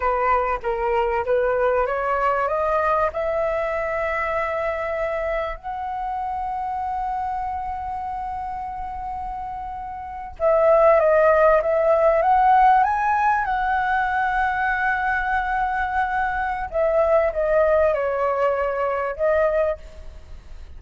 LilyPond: \new Staff \with { instrumentName = "flute" } { \time 4/4 \tempo 4 = 97 b'4 ais'4 b'4 cis''4 | dis''4 e''2.~ | e''4 fis''2.~ | fis''1~ |
fis''8. e''4 dis''4 e''4 fis''16~ | fis''8. gis''4 fis''2~ fis''16~ | fis''2. e''4 | dis''4 cis''2 dis''4 | }